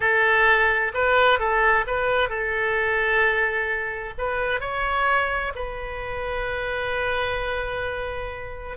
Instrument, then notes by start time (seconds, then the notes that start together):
oboe
0.00 A4
0.94 B4
1.39 A4
1.86 B4
2.29 A4
4.17 B4
4.60 C#5
5.55 B4